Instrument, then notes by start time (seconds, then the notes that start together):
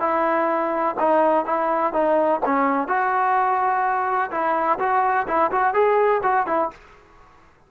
trombone
0.00 E4
1.00 D#4
1.45 E4
1.93 D#4
2.45 C#4
2.88 F#4
4.31 E4
4.79 F#4
5.27 E4
5.52 F#4
5.74 G#4
6.23 F#4
6.47 E4